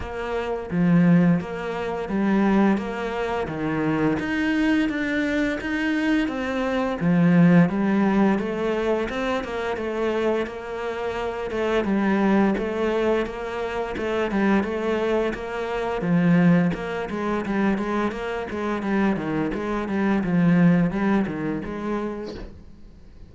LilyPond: \new Staff \with { instrumentName = "cello" } { \time 4/4 \tempo 4 = 86 ais4 f4 ais4 g4 | ais4 dis4 dis'4 d'4 | dis'4 c'4 f4 g4 | a4 c'8 ais8 a4 ais4~ |
ais8 a8 g4 a4 ais4 | a8 g8 a4 ais4 f4 | ais8 gis8 g8 gis8 ais8 gis8 g8 dis8 | gis8 g8 f4 g8 dis8 gis4 | }